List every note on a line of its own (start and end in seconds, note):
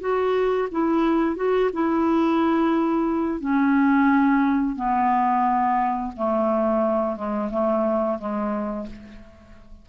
0.00 0.68 F#4
0.71 1.36 E4
1.36 1.70 F#4
1.73 3.40 E4
3.40 4.76 C#4
4.76 6.12 B3
6.16 7.16 A3
7.16 7.50 G#3
7.50 8.18 A3
8.18 8.86 G#3